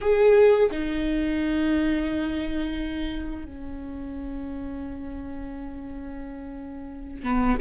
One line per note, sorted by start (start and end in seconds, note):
0.01 0.70 G#4
0.71 3.45 D#4
3.45 7.23 C#4
7.23 7.57 B3